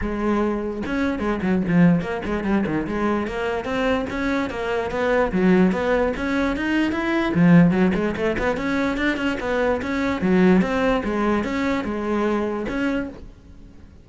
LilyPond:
\new Staff \with { instrumentName = "cello" } { \time 4/4 \tempo 4 = 147 gis2 cis'4 gis8 fis8 | f4 ais8 gis8 g8 dis8 gis4 | ais4 c'4 cis'4 ais4 | b4 fis4 b4 cis'4 |
dis'4 e'4 f4 fis8 gis8 | a8 b8 cis'4 d'8 cis'8 b4 | cis'4 fis4 c'4 gis4 | cis'4 gis2 cis'4 | }